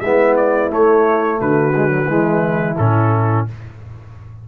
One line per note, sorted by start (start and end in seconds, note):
0.00 0.70 G#3
0.00 0.70 B3
0.00 1.39 E4
0.00 0.34 E5
0.36 0.71 D5
0.70 1.73 A3
0.70 1.40 A3
0.70 1.41 C#5
1.41 2.08 D3
1.41 2.09 F#4
1.41 2.77 B4
1.75 1.88 G#3
1.88 2.06 F#3
2.07 2.77 E3
2.07 2.76 G#3
2.07 3.47 E4
2.77 3.47 A2
2.77 3.48 C#4
2.77 3.46 A4